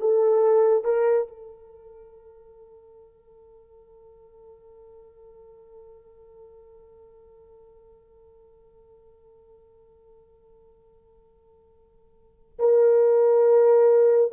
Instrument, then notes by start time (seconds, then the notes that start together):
horn
0.00 A4
0.85 A#4
1.28 A4
12.59 A#4